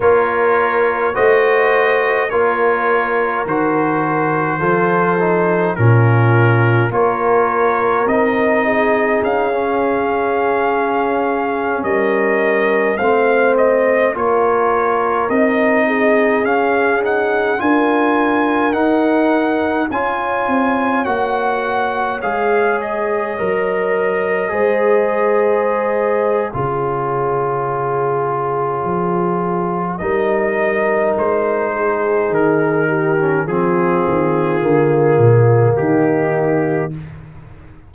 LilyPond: <<
  \new Staff \with { instrumentName = "trumpet" } { \time 4/4 \tempo 4 = 52 cis''4 dis''4 cis''4 c''4~ | c''4 ais'4 cis''4 dis''4 | f''2~ f''16 dis''4 f''8 dis''16~ | dis''16 cis''4 dis''4 f''8 fis''8 gis''8.~ |
gis''16 fis''4 gis''4 fis''4 f''8 dis''16~ | dis''2. cis''4~ | cis''2 dis''4 c''4 | ais'4 gis'2 g'4 | }
  \new Staff \with { instrumentName = "horn" } { \time 4/4 ais'4 c''4 ais'2 | a'4 f'4 ais'4. gis'8~ | gis'2~ gis'16 ais'4 c''8.~ | c''16 ais'4. gis'4. ais'8.~ |
ais'4~ ais'16 cis''2~ cis''8.~ | cis''4~ cis''16 c''4.~ c''16 gis'4~ | gis'2 ais'4. gis'8~ | gis'8 g'8 f'2 dis'4 | }
  \new Staff \with { instrumentName = "trombone" } { \time 4/4 f'4 fis'4 f'4 fis'4 | f'8 dis'8 cis'4 f'4 dis'4~ | dis'16 cis'2. c'8.~ | c'16 f'4 dis'4 cis'8 dis'8 f'8.~ |
f'16 dis'4 f'4 fis'4 gis'8.~ | gis'16 ais'4 gis'4.~ gis'16 f'4~ | f'2 dis'2~ | dis'8. cis'16 c'4 ais2 | }
  \new Staff \with { instrumentName = "tuba" } { \time 4/4 ais4 a4 ais4 dis4 | f4 ais,4 ais4 c'4 | cis'2~ cis'16 g4 a8.~ | a16 ais4 c'4 cis'4 d'8.~ |
d'16 dis'4 cis'8 c'8 ais4 gis8.~ | gis16 fis4 gis4.~ gis16 cis4~ | cis4 f4 g4 gis4 | dis4 f8 dis8 d8 ais,8 dis4 | }
>>